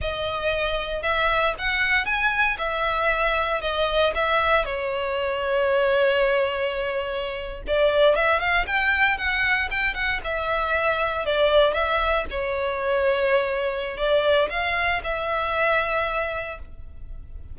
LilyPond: \new Staff \with { instrumentName = "violin" } { \time 4/4 \tempo 4 = 116 dis''2 e''4 fis''4 | gis''4 e''2 dis''4 | e''4 cis''2.~ | cis''2~ cis''8. d''4 e''16~ |
e''16 f''8 g''4 fis''4 g''8 fis''8 e''16~ | e''4.~ e''16 d''4 e''4 cis''16~ | cis''2. d''4 | f''4 e''2. | }